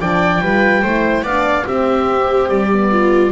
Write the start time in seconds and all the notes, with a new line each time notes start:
0.00 F3 D4 D5 G5
0.41 G3 F4 B4
0.82 A3 E4 C5
1.22 B3 D4 D5 F5
1.64 C4 G4 E5
2.49 G3 D5
2.72 B3
2.91 F4